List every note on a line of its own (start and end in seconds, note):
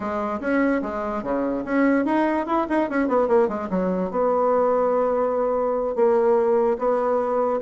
0.00 0.40 G#3
0.40 0.81 C#4
0.82 1.23 G#3
1.23 1.64 C#3
1.64 2.05 C#4
2.05 2.46 D#4
2.46 2.66 E4
2.69 2.89 D#4
2.89 3.08 C#4
3.08 3.28 B3
3.28 3.48 A#3
3.48 3.69 G#3
3.70 4.10 F#3
4.10 5.95 B3
5.95 6.77 A#3
6.78 7.60 B3